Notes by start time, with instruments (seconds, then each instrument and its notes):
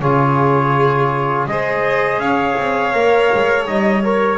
0.00 double bass C#3, trombone F4, violin G#4, trumpet C#5
1.46 double bass G#3, trombone G#4, violin C5, trumpet D#5
2.19 double bass C#4, violin C#5, trumpet F5
2.58 double bass C4
2.93 double bass A#3, trombone A#4
3.34 double bass G#3
3.67 double bass G3, trombone D#4, trumpet D#5
4.04 trombone A#4, trumpet C#5